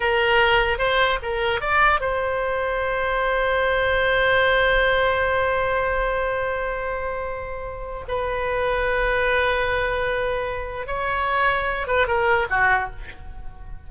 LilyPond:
\new Staff \with { instrumentName = "oboe" } { \time 4/4 \tempo 4 = 149 ais'2 c''4 ais'4 | d''4 c''2.~ | c''1~ | c''1~ |
c''1 | b'1~ | b'2. cis''4~ | cis''4. b'8 ais'4 fis'4 | }